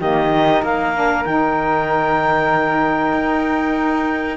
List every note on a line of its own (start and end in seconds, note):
0.00 0.62 D#3
0.00 0.32 A#3
0.00 0.62 G4
0.00 0.64 D#5
0.33 0.95 D#4
0.62 1.25 A#3
0.62 4.37 A#4
0.62 1.25 F5
0.95 1.26 D4
1.25 3.14 D#3
1.25 4.37 D#4
1.25 4.37 G5
3.14 4.37 D#4